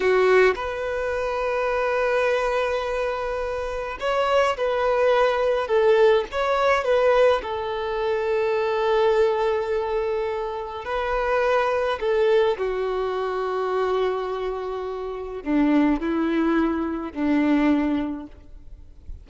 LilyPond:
\new Staff \with { instrumentName = "violin" } { \time 4/4 \tempo 4 = 105 fis'4 b'2.~ | b'2. cis''4 | b'2 a'4 cis''4 | b'4 a'2.~ |
a'2. b'4~ | b'4 a'4 fis'2~ | fis'2. d'4 | e'2 d'2 | }